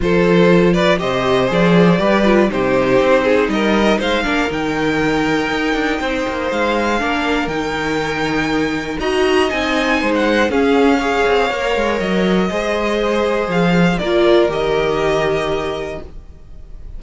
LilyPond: <<
  \new Staff \with { instrumentName = "violin" } { \time 4/4 \tempo 4 = 120 c''4. d''8 dis''4 d''4~ | d''4 c''2 dis''4 | f''4 g''2.~ | g''4 f''2 g''4~ |
g''2 ais''4 gis''4~ | gis''16 fis''8. f''2. | dis''2. f''4 | d''4 dis''2. | }
  \new Staff \with { instrumentName = "violin" } { \time 4/4 a'4. b'8 c''2 | b'4 g'4. gis'8 ais'4 | c''8 ais'2.~ ais'8 | c''2 ais'2~ |
ais'2 dis''2 | c''4 gis'4 cis''2~ | cis''4 c''2. | ais'1 | }
  \new Staff \with { instrumentName = "viola" } { \time 4/4 f'2 g'4 gis'4 | g'8 f'8 dis'2.~ | dis'8 d'8 dis'2.~ | dis'2 d'4 dis'4~ |
dis'2 fis'4 dis'4~ | dis'4 cis'4 gis'4 ais'4~ | ais'4 gis'2. | f'4 g'2. | }
  \new Staff \with { instrumentName = "cello" } { \time 4/4 f2 c4 f4 | g4 c4 c'4 g4 | gis8 ais8 dis2 dis'8 d'8 | c'8 ais8 gis4 ais4 dis4~ |
dis2 dis'4 c'4 | gis4 cis'4. c'8 ais8 gis8 | fis4 gis2 f4 | ais4 dis2. | }
>>